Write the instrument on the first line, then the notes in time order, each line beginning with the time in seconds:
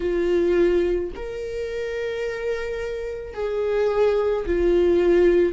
viola
0.00 F4
1.15 A#4
3.34 G#4
4.45 F4